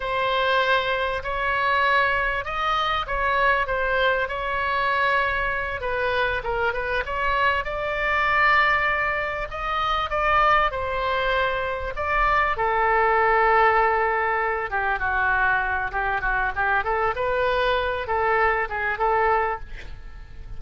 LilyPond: \new Staff \with { instrumentName = "oboe" } { \time 4/4 \tempo 4 = 98 c''2 cis''2 | dis''4 cis''4 c''4 cis''4~ | cis''4. b'4 ais'8 b'8 cis''8~ | cis''8 d''2. dis''8~ |
dis''8 d''4 c''2 d''8~ | d''8 a'2.~ a'8 | g'8 fis'4. g'8 fis'8 g'8 a'8 | b'4. a'4 gis'8 a'4 | }